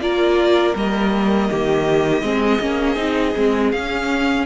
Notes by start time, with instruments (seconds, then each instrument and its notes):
0.00 cello A#3, viola F4, violin A#4 D5
0.74 cello G3, viola A#3, violin D#5
1.50 cello D#3, violin G4
2.22 cello G#3, viola C4, violin G#4
2.60 cello A#3, viola C#4
2.96 cello C4, viola D#4
3.37 cello G#3, viola C4
3.71 cello C#4, viola C#4, violin F5